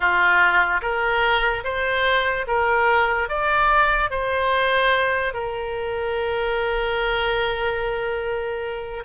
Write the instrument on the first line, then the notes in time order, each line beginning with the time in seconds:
oboe
0.00 F4
0.81 A#4
1.64 C5
2.47 A#4
3.29 D5
4.10 C5
5.33 A#4